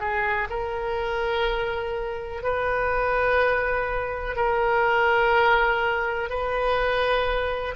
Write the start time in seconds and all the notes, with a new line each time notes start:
0.00 G#4
0.50 A#4
2.43 B4
4.36 A#4
6.29 B4